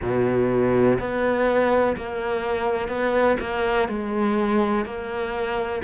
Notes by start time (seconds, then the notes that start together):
0.02 B2
0.99 B3
1.97 A#3
2.88 B3
3.40 A#3
3.88 G#3
4.85 A#3